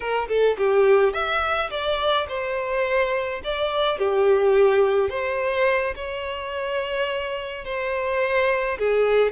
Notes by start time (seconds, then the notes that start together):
0.00 A#4
0.28 A4
0.57 G4
1.13 E5
1.70 D5
2.28 C5
3.44 D5
3.98 G4
5.09 C5
5.95 C#5
7.64 C5
8.78 G#4